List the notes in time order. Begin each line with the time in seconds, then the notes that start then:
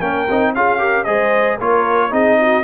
0.00 A#3 C#4 A#4 G5
0.30 C4 D#4
0.55 C#4 F4 G#4 F5
0.79 G4 A#4
1.04 G#3 G#4 C5 D#5
1.57 A#3 F4 A#4 C#5
2.11 C4 D#4 G#4 D#5
2.40 F#4